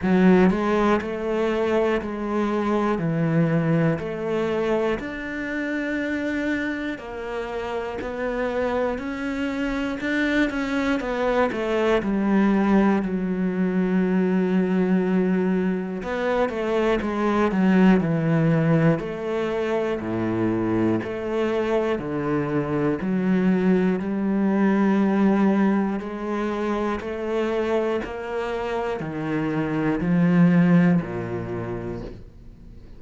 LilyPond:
\new Staff \with { instrumentName = "cello" } { \time 4/4 \tempo 4 = 60 fis8 gis8 a4 gis4 e4 | a4 d'2 ais4 | b4 cis'4 d'8 cis'8 b8 a8 | g4 fis2. |
b8 a8 gis8 fis8 e4 a4 | a,4 a4 d4 fis4 | g2 gis4 a4 | ais4 dis4 f4 ais,4 | }